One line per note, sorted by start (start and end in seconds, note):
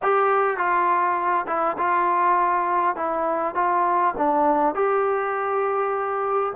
0.02 0.57 G4
0.57 1.46 F4
1.47 1.76 E4
1.78 2.96 F4
2.96 3.55 E4
3.55 4.14 F4
4.17 4.74 D4
4.74 6.53 G4